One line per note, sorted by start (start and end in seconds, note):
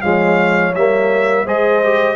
0.00 0.75 F3
0.00 0.72 G#3
0.00 1.45 C#5
0.00 0.74 F5
0.75 1.46 G3
0.75 1.47 A#3
0.75 1.47 E5
1.45 2.16 G#3
1.45 1.83 G#4
1.45 2.16 C5
1.45 2.16 D#5
1.83 2.16 G4